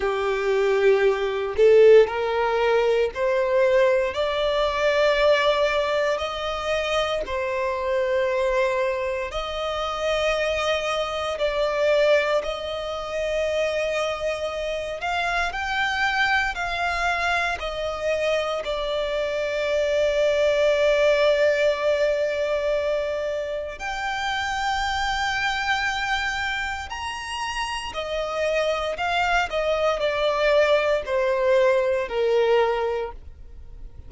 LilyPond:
\new Staff \with { instrumentName = "violin" } { \time 4/4 \tempo 4 = 58 g'4. a'8 ais'4 c''4 | d''2 dis''4 c''4~ | c''4 dis''2 d''4 | dis''2~ dis''8 f''8 g''4 |
f''4 dis''4 d''2~ | d''2. g''4~ | g''2 ais''4 dis''4 | f''8 dis''8 d''4 c''4 ais'4 | }